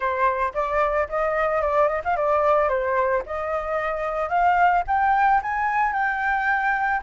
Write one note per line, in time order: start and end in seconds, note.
0.00 0.53 C5
0.54 1.08 D5
1.09 1.61 D#5
1.61 1.88 D5
1.88 2.01 D#5
2.04 2.16 F5
2.16 2.69 D5
2.69 3.23 C5
3.26 4.29 D#5
4.29 4.83 F5
4.87 5.41 G5
5.42 5.92 G#5
5.92 7.00 G5